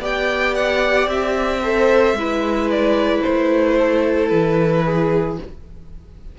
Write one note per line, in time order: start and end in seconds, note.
0.00 1.07 B3
0.00 1.63 G4
0.00 1.62 D5
0.00 0.55 G5
0.55 1.09 F#5
1.07 2.13 C4
1.07 2.70 E5
1.63 2.17 A4
1.63 2.18 C5
2.13 3.21 G#3
2.13 5.39 E4
2.20 3.78 B4
2.71 3.23 D5
3.23 4.32 A3
3.23 4.28 C5
3.78 4.85 A4
4.28 5.39 E3
4.28 5.35 B4
4.85 5.39 G#4